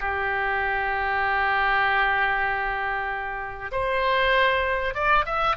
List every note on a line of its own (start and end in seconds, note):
0.00 3.71 G4
3.71 4.94 C5
4.94 5.25 D5
5.25 5.56 E5